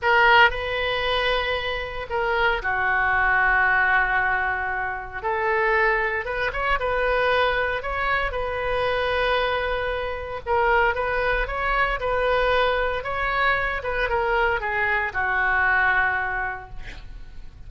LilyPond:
\new Staff \with { instrumentName = "oboe" } { \time 4/4 \tempo 4 = 115 ais'4 b'2. | ais'4 fis'2.~ | fis'2 a'2 | b'8 cis''8 b'2 cis''4 |
b'1 | ais'4 b'4 cis''4 b'4~ | b'4 cis''4. b'8 ais'4 | gis'4 fis'2. | }